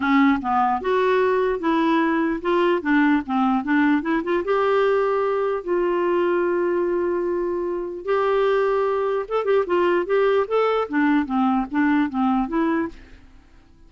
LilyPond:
\new Staff \with { instrumentName = "clarinet" } { \time 4/4 \tempo 4 = 149 cis'4 b4 fis'2 | e'2 f'4 d'4 | c'4 d'4 e'8 f'8 g'4~ | g'2 f'2~ |
f'1 | g'2. a'8 g'8 | f'4 g'4 a'4 d'4 | c'4 d'4 c'4 e'4 | }